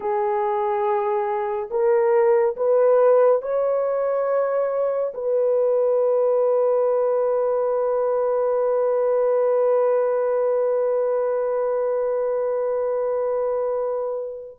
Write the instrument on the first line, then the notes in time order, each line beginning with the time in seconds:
horn
0.00 G#4
1.70 A#4
2.56 B4
3.41 C#5
5.14 B4